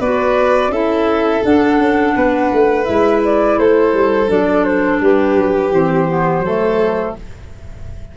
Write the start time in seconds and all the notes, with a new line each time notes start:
0.00 B3 F#4 B4 D5
0.68 C#4 E4 A4 E5
1.44 D4 F#5
1.79 C#4
2.16 B3 B4
2.53 A3
2.85 G#3 E4 E5
3.25 D5
3.58 A3 A4 C5
3.94 G3
4.27 F#3 D4 D5
4.64 C5
5.01 G3 G4 B4
5.36 F#3
5.72 E3 C4 C5
6.08 B3
6.40 F#3 A3 A4